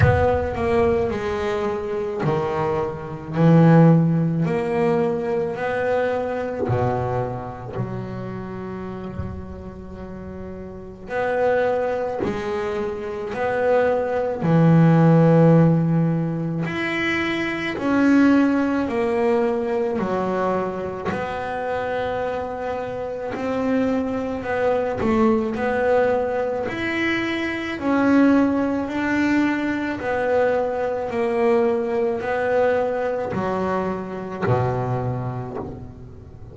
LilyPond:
\new Staff \with { instrumentName = "double bass" } { \time 4/4 \tempo 4 = 54 b8 ais8 gis4 dis4 e4 | ais4 b4 b,4 fis4~ | fis2 b4 gis4 | b4 e2 e'4 |
cis'4 ais4 fis4 b4~ | b4 c'4 b8 a8 b4 | e'4 cis'4 d'4 b4 | ais4 b4 fis4 b,4 | }